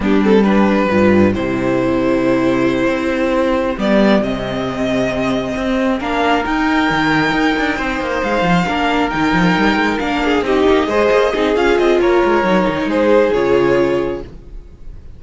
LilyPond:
<<
  \new Staff \with { instrumentName = "violin" } { \time 4/4 \tempo 4 = 135 g'8 a'8 b'2 c''4~ | c''1~ | c''8 d''4 dis''2~ dis''8~ | dis''4. f''4 g''4.~ |
g''2~ g''8 f''4.~ | f''8 g''2 f''4 dis''8~ | dis''2 f''8 dis''8 cis''4~ | cis''4 c''4 cis''2 | }
  \new Staff \with { instrumentName = "violin" } { \time 4/4 d'4 g'2.~ | g'1~ | g'1~ | g'4. ais'2~ ais'8~ |
ais'4. c''2 ais'8~ | ais'2. gis'8 g'8~ | g'8 c''4 gis'4. ais'4~ | ais'4 gis'2. | }
  \new Staff \with { instrumentName = "viola" } { \time 4/4 b8 c'8 d'4 f'4 e'4~ | e'1~ | e'8 b4 c'2~ c'8~ | c'4. d'4 dis'4.~ |
dis'2.~ dis'8 d'8~ | d'8 dis'2 d'4 dis'8~ | dis'8 gis'4 dis'8 f'2 | dis'2 f'2 | }
  \new Staff \with { instrumentName = "cello" } { \time 4/4 g2 g,4 c4~ | c2~ c8 c'4.~ | c'8 g4 c2~ c8~ | c8 c'4 ais4 dis'4 dis8~ |
dis8 dis'8 d'8 c'8 ais8 gis8 f8 ais8~ | ais8 dis8 f8 g8 gis8 ais4 c'8 | ais8 gis8 ais8 c'8 cis'8 c'8 ais8 gis8 | fis8 dis8 gis4 cis2 | }
>>